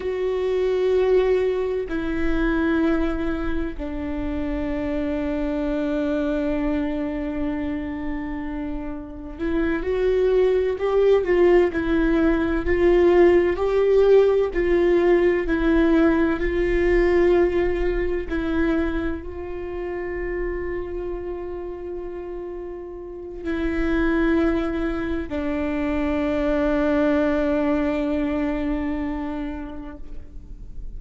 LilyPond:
\new Staff \with { instrumentName = "viola" } { \time 4/4 \tempo 4 = 64 fis'2 e'2 | d'1~ | d'2 e'8 fis'4 g'8 | f'8 e'4 f'4 g'4 f'8~ |
f'8 e'4 f'2 e'8~ | e'8 f'2.~ f'8~ | f'4 e'2 d'4~ | d'1 | }